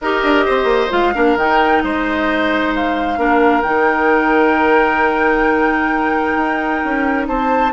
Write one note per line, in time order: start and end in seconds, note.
0.01 0.23 D#4
0.01 0.90 G4
0.01 0.45 A#4
0.01 0.91 D#5
0.23 0.46 D4
0.45 0.64 C4
0.45 1.13 C5
0.64 0.86 A#3
0.90 1.14 G#3
0.90 1.12 F4
0.90 1.37 F5
1.14 1.36 A#3
1.14 1.37 D4
1.14 1.82 A#4
1.36 1.81 D#3
1.36 3.17 D#4
1.36 1.82 G5
1.82 3.17 G#3
1.82 3.19 C5
1.82 2.73 D#5
2.75 3.61 F5
3.17 3.62 A#3
3.17 3.63 D4
3.17 7.28 A#4
3.61 6.36 D#3
3.61 7.72 D#4
3.61 7.25 G5
6.36 6.81 D#4
6.84 7.28 C#4
7.27 7.72 C4
7.27 7.72 C5
7.27 7.72 A5